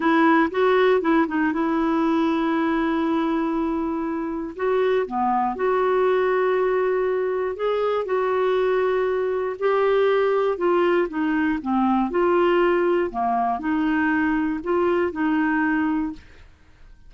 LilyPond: \new Staff \with { instrumentName = "clarinet" } { \time 4/4 \tempo 4 = 119 e'4 fis'4 e'8 dis'8 e'4~ | e'1~ | e'4 fis'4 b4 fis'4~ | fis'2. gis'4 |
fis'2. g'4~ | g'4 f'4 dis'4 c'4 | f'2 ais4 dis'4~ | dis'4 f'4 dis'2 | }